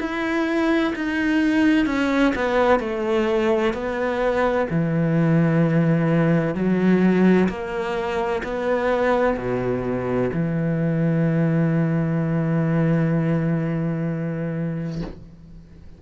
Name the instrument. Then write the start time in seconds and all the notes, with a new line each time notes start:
cello
0.00 E4
0.95 D#4
1.86 C#4
2.35 B3
2.80 A3
3.73 B3
4.70 E3
6.55 F#3
7.49 A#3
8.44 B3
9.37 B2
10.33 E3